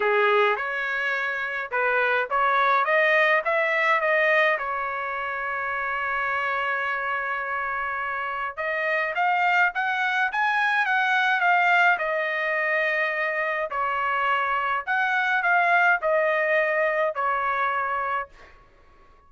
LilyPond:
\new Staff \with { instrumentName = "trumpet" } { \time 4/4 \tempo 4 = 105 gis'4 cis''2 b'4 | cis''4 dis''4 e''4 dis''4 | cis''1~ | cis''2. dis''4 |
f''4 fis''4 gis''4 fis''4 | f''4 dis''2. | cis''2 fis''4 f''4 | dis''2 cis''2 | }